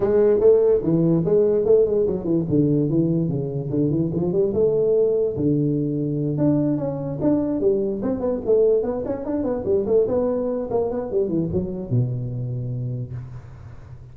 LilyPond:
\new Staff \with { instrumentName = "tuba" } { \time 4/4 \tempo 4 = 146 gis4 a4 e4 gis4 | a8 gis8 fis8 e8 d4 e4 | cis4 d8 e8 f8 g8 a4~ | a4 d2~ d8 d'8~ |
d'8 cis'4 d'4 g4 c'8 | b8 a4 b8 cis'8 d'8 b8 g8 | a8 b4. ais8 b8 g8 e8 | fis4 b,2. | }